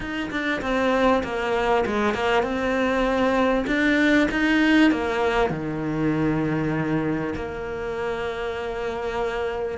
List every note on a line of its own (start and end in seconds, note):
0.00 0.30 D#4
0.30 0.61 D4
0.61 1.22 C4
1.23 1.85 A#3
1.86 2.13 G#3
2.13 2.42 A#3
2.42 3.65 C4
3.66 4.27 D4
4.31 4.91 D#4
4.91 5.50 A#3
5.50 7.33 D#3
7.35 9.78 A#3